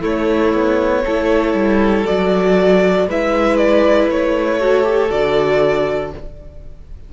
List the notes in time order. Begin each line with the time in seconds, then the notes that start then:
0.00 A3 E4 C#5
0.53 B3
1.04 A3 E4 A4
1.54 G3
2.05 F#3 F#4 D5
3.06 G#3 E4 B4 E5
3.56 D5
4.07 A3 C#5
4.59 F#4 A4
4.83 G4
5.09 D3 F#4 D5